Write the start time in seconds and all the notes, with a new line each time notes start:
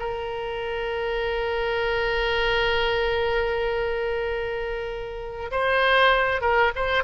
0.00 A#4
5.52 C5
6.41 A#4
6.76 C5